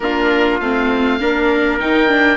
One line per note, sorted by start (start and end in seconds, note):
0.00 0.59 A#3
0.00 0.61 D4
0.00 1.20 F4
0.00 0.59 A#4
0.60 1.20 A3
0.60 1.20 C4
0.60 1.78 F5
1.20 1.78 A#3
1.20 1.79 D4
1.20 2.37 A#4
1.78 2.37 D#3
1.78 2.07 D#4
1.78 2.37 G5
2.07 2.37 D4